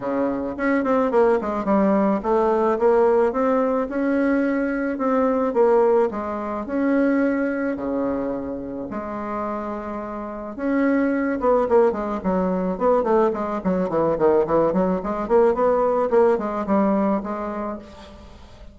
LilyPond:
\new Staff \with { instrumentName = "bassoon" } { \time 4/4 \tempo 4 = 108 cis4 cis'8 c'8 ais8 gis8 g4 | a4 ais4 c'4 cis'4~ | cis'4 c'4 ais4 gis4 | cis'2 cis2 |
gis2. cis'4~ | cis'8 b8 ais8 gis8 fis4 b8 a8 | gis8 fis8 e8 dis8 e8 fis8 gis8 ais8 | b4 ais8 gis8 g4 gis4 | }